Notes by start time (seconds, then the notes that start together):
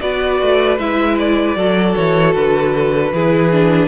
0.00 B3 F#4 B4 D5
0.41 A3
0.78 G#3 E4 E5
1.18 D5
1.56 F#3 F#4 A4
1.95 E3 C#5
2.34 D3 B4
3.12 E3 E4 G#4
3.52 D4